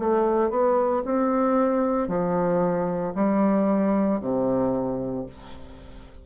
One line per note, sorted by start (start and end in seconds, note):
0.00 0.51 A3
0.51 1.03 B3
1.05 2.09 C4
2.09 3.14 F3
3.15 4.21 G3
4.21 5.26 C3